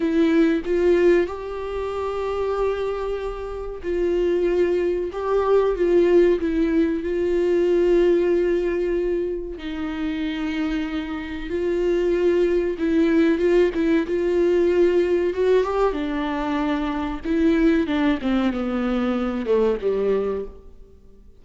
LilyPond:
\new Staff \with { instrumentName = "viola" } { \time 4/4 \tempo 4 = 94 e'4 f'4 g'2~ | g'2 f'2 | g'4 f'4 e'4 f'4~ | f'2. dis'4~ |
dis'2 f'2 | e'4 f'8 e'8 f'2 | fis'8 g'8 d'2 e'4 | d'8 c'8 b4. a8 g4 | }